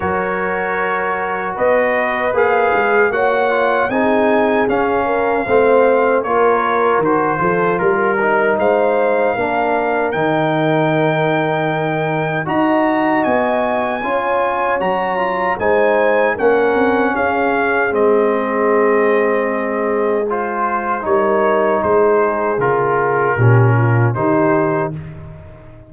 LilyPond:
<<
  \new Staff \with { instrumentName = "trumpet" } { \time 4/4 \tempo 4 = 77 cis''2 dis''4 f''4 | fis''4 gis''4 f''2 | cis''4 c''4 ais'4 f''4~ | f''4 g''2. |
ais''4 gis''2 ais''4 | gis''4 fis''4 f''4 dis''4~ | dis''2 c''4 cis''4 | c''4 ais'2 c''4 | }
  \new Staff \with { instrumentName = "horn" } { \time 4/4 ais'2 b'2 | cis''4 gis'4. ais'8 c''4 | ais'4. a'8 ais'4 c''4 | ais'1 |
dis''2 cis''2 | c''4 ais'4 gis'2~ | gis'2. ais'4 | gis'2 g'8 f'8 g'4 | }
  \new Staff \with { instrumentName = "trombone" } { \time 4/4 fis'2. gis'4 | fis'8 f'8 dis'4 cis'4 c'4 | f'4 fis'8 f'4 dis'4. | d'4 dis'2. |
fis'2 f'4 fis'8 f'8 | dis'4 cis'2 c'4~ | c'2 f'4 dis'4~ | dis'4 f'4 cis'4 dis'4 | }
  \new Staff \with { instrumentName = "tuba" } { \time 4/4 fis2 b4 ais8 gis8 | ais4 c'4 cis'4 a4 | ais4 dis8 f8 g4 gis4 | ais4 dis2. |
dis'4 b4 cis'4 fis4 | gis4 ais8 c'8 cis'4 gis4~ | gis2. g4 | gis4 cis4 ais,4 dis4 | }
>>